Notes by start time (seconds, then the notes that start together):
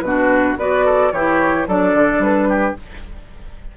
0.00 B2 D4 F#4 B4
0.57 B3 F#4 B4 D5
0.85 A4
1.12 E3 E4 G4 C#5
1.67 F#3 D4 A4 D5
1.94 D3
2.18 G3 B4
2.49 G4